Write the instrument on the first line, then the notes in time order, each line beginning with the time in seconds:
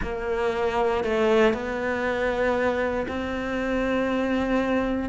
cello
0.02 A#3
1.04 A3
1.53 B3
3.07 C4